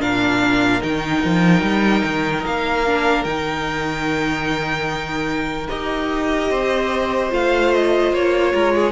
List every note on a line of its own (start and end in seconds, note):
0.00 0.82 A#2
0.00 0.81 D4
0.00 6.50 A#4
0.00 0.82 F5
0.81 1.24 D#3
0.81 2.84 D#4
0.81 2.45 G5
1.24 1.62 F3
1.62 2.03 G3
2.04 2.45 D#3
2.46 3.25 A#3
2.46 3.24 F5
2.86 3.27 D4
3.24 5.68 D#3
3.24 5.69 D#4
3.24 5.68 G5
5.69 6.51 D#4
5.69 7.31 G4
5.69 7.31 D#5
6.50 7.32 C4
6.50 8.53 C5
7.31 8.13 A3
7.31 8.92 F4
7.31 7.74 F5
7.74 8.14 D#5
8.13 8.53 A#3
8.13 8.92 C#5
8.53 8.92 G#3
8.53 8.74 A#4
8.75 8.92 G#4